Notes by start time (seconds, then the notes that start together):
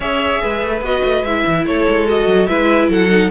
0.00 C#4 G#4 C#5 E5
0.41 G#3 B4
0.62 A3
0.81 B3 F#4 D#5
1.03 A3
1.23 G#3 E4 E5
1.47 E3
1.66 A3 A4 C#5
1.88 G#3
2.07 F#4 D#5
2.26 F#3
2.46 G#3 E4 B4 E5
2.88 F#3 A4 F#5
3.09 D#4